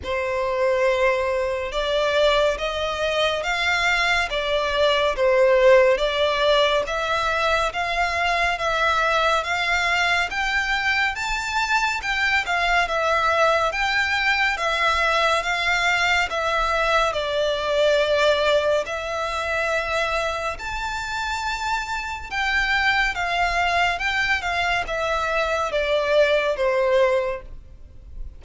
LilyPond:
\new Staff \with { instrumentName = "violin" } { \time 4/4 \tempo 4 = 70 c''2 d''4 dis''4 | f''4 d''4 c''4 d''4 | e''4 f''4 e''4 f''4 | g''4 a''4 g''8 f''8 e''4 |
g''4 e''4 f''4 e''4 | d''2 e''2 | a''2 g''4 f''4 | g''8 f''8 e''4 d''4 c''4 | }